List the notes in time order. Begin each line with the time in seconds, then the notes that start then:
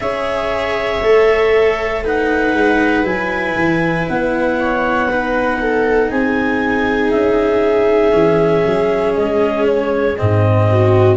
0.00 C#4 G#4 C#5 E5
1.01 A3 A4
2.03 D#4 B4 F#5
2.53 G#3
3.03 F#3 E4 G#5
3.56 E3
4.08 B3 F#5
4.59 C#5
5.08 D#4 B4
5.61 A4
6.10 C4 G#4 G#5
7.10 C#4 E5
8.12 E3 C#4
8.65 F#3
9.15 G#3 D#5
9.65 C#5
10.17 G#2 C4 D#5
10.71 F#4